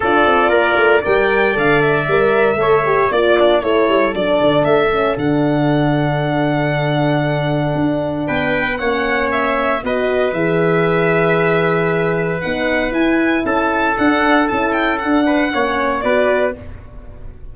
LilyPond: <<
  \new Staff \with { instrumentName = "violin" } { \time 4/4 \tempo 4 = 116 d''2 g''4 f''8 e''8~ | e''2 d''4 cis''4 | d''4 e''4 fis''2~ | fis''1 |
g''4 fis''4 e''4 dis''4 | e''1 | fis''4 gis''4 a''4 fis''4 | a''8 g''8 fis''2 d''4 | }
  \new Staff \with { instrumentName = "trumpet" } { \time 4/4 a'4 ais'4 d''2~ | d''4 cis''4 d''8 d'8 a'4~ | a'1~ | a'1 |
b'4 cis''2 b'4~ | b'1~ | b'2 a'2~ | a'4. b'8 cis''4 b'4 | }
  \new Staff \with { instrumentName = "horn" } { \time 4/4 f'2 ais'4 a'4 | ais'4 a'8 g'8 f'4 e'4 | d'4. cis'8 d'2~ | d'1~ |
d'4 cis'2 fis'4 | gis'1 | dis'4 e'2 d'4 | e'4 d'4 cis'4 fis'4 | }
  \new Staff \with { instrumentName = "tuba" } { \time 4/4 d'8 c'8 ais8 a8 g4 d4 | g4 a4 ais4 a8 g8 | fis8 d8 a4 d2~ | d2. d'4 |
b4 ais2 b4 | e1 | b4 e'4 cis'4 d'4 | cis'4 d'4 ais4 b4 | }
>>